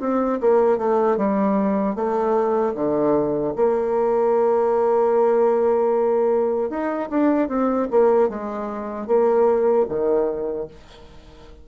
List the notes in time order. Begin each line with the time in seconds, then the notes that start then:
0.00 C4
0.41 A#3
0.78 A3
1.17 G3
1.95 A3
2.75 D3
3.56 A#3
6.70 D#4
7.10 D4
7.48 C4
7.91 A#3
8.29 G#3
9.07 A#3
9.89 D#3